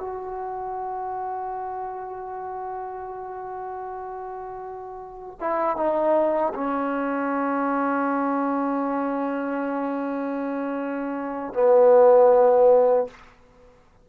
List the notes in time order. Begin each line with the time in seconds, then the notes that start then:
0.00 F#4
5.40 E4
5.76 D#4
6.54 C#4
11.53 B3